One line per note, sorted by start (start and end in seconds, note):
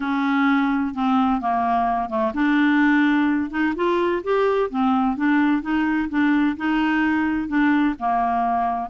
0.00 0.94 C#4
0.94 1.40 C4
1.40 2.09 A#3
2.09 2.32 A3
2.34 3.50 D4
3.50 3.74 D#4
3.75 4.22 F4
4.23 4.70 G4
4.70 5.16 C4
5.16 5.61 D4
5.61 6.08 D#4
6.09 6.56 D4
6.56 7.48 D#4
7.48 7.95 D4
7.99 8.89 A#3